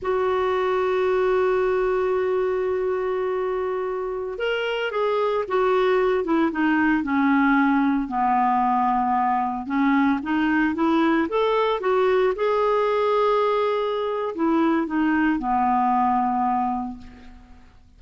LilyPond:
\new Staff \with { instrumentName = "clarinet" } { \time 4/4 \tempo 4 = 113 fis'1~ | fis'1~ | fis'16 ais'4 gis'4 fis'4. e'16~ | e'16 dis'4 cis'2 b8.~ |
b2~ b16 cis'4 dis'8.~ | dis'16 e'4 a'4 fis'4 gis'8.~ | gis'2. e'4 | dis'4 b2. | }